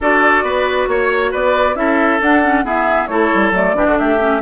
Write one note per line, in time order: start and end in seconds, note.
0.00 0.42 D4
0.00 1.75 F#4
0.00 0.44 A4
0.00 0.88 D5
0.42 0.87 B3
0.42 0.88 B4
0.87 1.31 A#3
0.87 1.32 C#5
0.87 1.31 C#5
1.31 1.75 B3
1.31 1.75 B4
1.31 1.75 D5
1.75 2.19 C#4
1.75 2.20 E4
1.75 2.64 A4
1.75 2.20 E5
2.20 2.42 D4
2.20 2.64 D4
2.20 2.65 F#5
2.43 2.64 C#4
2.64 3.08 B3
2.64 3.08 E4
2.64 3.08 G#4
2.64 3.07 E5
3.07 3.30 A3
3.07 3.53 E4
3.07 3.76 A4
3.07 3.51 C#5
3.34 3.51 G3
3.51 3.73 F#3
3.51 3.74 A3
3.51 3.98 D5
3.74 3.86 E3
3.74 4.18 D4
3.74 3.86 G4
3.86 3.98 D3
3.86 3.97 F#4
3.98 4.41 A3
3.98 4.41 G4
3.98 4.41 E5
4.19 4.41 C#4